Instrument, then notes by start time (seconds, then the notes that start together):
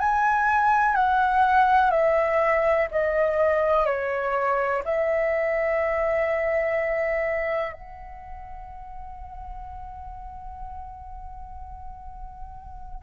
flute
0.00 G#5
0.96 F#5
1.91 E5
2.92 D#5
3.86 C#5
4.85 E5
7.73 F#5